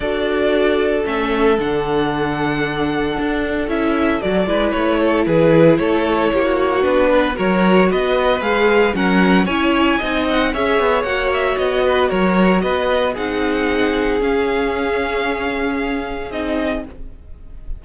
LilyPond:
<<
  \new Staff \with { instrumentName = "violin" } { \time 4/4 \tempo 4 = 114 d''2 e''4 fis''4~ | fis''2. e''4 | d''4 cis''4 b'4 cis''4~ | cis''4 b'4 cis''4 dis''4 |
f''4 fis''4 gis''4. fis''8 | e''4 fis''8 e''8 dis''4 cis''4 | dis''4 fis''2 f''4~ | f''2. dis''4 | }
  \new Staff \with { instrumentName = "violin" } { \time 4/4 a'1~ | a'1~ | a'8 b'4 a'8 gis'4 a'4 | g'16 fis'4~ fis'16 b'8 ais'4 b'4~ |
b'4 ais'4 cis''4 dis''4 | cis''2~ cis''8 b'8 ais'4 | b'4 gis'2.~ | gis'1 | }
  \new Staff \with { instrumentName = "viola" } { \time 4/4 fis'2 cis'4 d'4~ | d'2. e'4 | fis'8 e'2.~ e'8~ | e'4 d'4 fis'2 |
gis'4 cis'4 e'4 dis'4 | gis'4 fis'2.~ | fis'4 dis'2 cis'4~ | cis'2. dis'4 | }
  \new Staff \with { instrumentName = "cello" } { \time 4/4 d'2 a4 d4~ | d2 d'4 cis'4 | fis8 gis8 a4 e4 a4 | ais4 b4 fis4 b4 |
gis4 fis4 cis'4 c'4 | cis'8 b8 ais4 b4 fis4 | b4 c'2 cis'4~ | cis'2. c'4 | }
>>